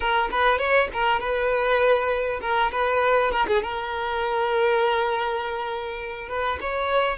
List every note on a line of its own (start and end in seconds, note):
0.00 0.29 A#4
0.31 0.58 B4
0.58 0.88 C#5
0.93 1.20 A#4
1.20 2.40 B4
2.41 2.71 A#4
2.71 3.31 B4
3.31 3.46 A#4
3.47 3.62 G#4
3.62 6.28 A#4
6.28 6.58 B4
6.61 7.18 C#5